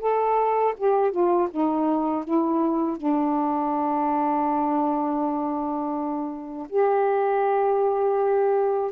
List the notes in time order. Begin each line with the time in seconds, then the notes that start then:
0.00 A4
0.77 G4
1.11 F4
1.51 D#4
2.25 E4
2.97 D4
6.69 G4